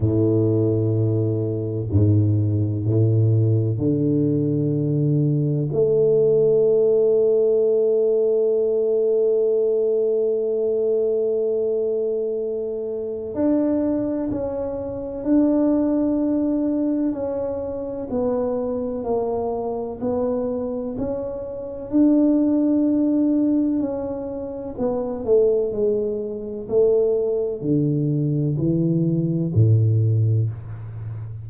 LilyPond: \new Staff \with { instrumentName = "tuba" } { \time 4/4 \tempo 4 = 63 a,2 gis,4 a,4 | d2 a2~ | a1~ | a2 d'4 cis'4 |
d'2 cis'4 b4 | ais4 b4 cis'4 d'4~ | d'4 cis'4 b8 a8 gis4 | a4 d4 e4 a,4 | }